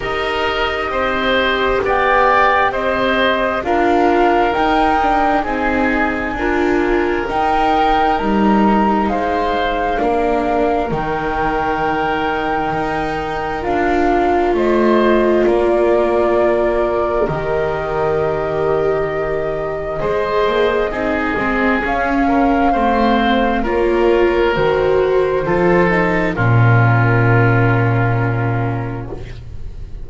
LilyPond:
<<
  \new Staff \with { instrumentName = "flute" } { \time 4/4 \tempo 4 = 66 dis''2 g''4 dis''4 | f''4 g''4 gis''2 | g''4 ais''4 f''2 | g''2. f''4 |
dis''4 d''2 dis''4~ | dis''1 | f''2 cis''4 c''4~ | c''4 ais'2. | }
  \new Staff \with { instrumentName = "oboe" } { \time 4/4 ais'4 c''4 d''4 c''4 | ais'2 gis'4 ais'4~ | ais'2 c''4 ais'4~ | ais'1 |
c''4 ais'2.~ | ais'2 c''4 gis'4~ | gis'8 ais'8 c''4 ais'2 | a'4 f'2. | }
  \new Staff \with { instrumentName = "viola" } { \time 4/4 g'1 | f'4 dis'8 d'8 dis'4 f'4 | dis'2. d'4 | dis'2. f'4~ |
f'2. g'4~ | g'2 gis'4 dis'8 c'8 | cis'4 c'4 f'4 fis'4 | f'8 dis'8 cis'2. | }
  \new Staff \with { instrumentName = "double bass" } { \time 4/4 dis'4 c'4 b4 c'4 | d'4 dis'4 c'4 d'4 | dis'4 g4 gis4 ais4 | dis2 dis'4 d'4 |
a4 ais2 dis4~ | dis2 gis8 ais8 c'8 gis8 | cis'4 a4 ais4 dis4 | f4 ais,2. | }
>>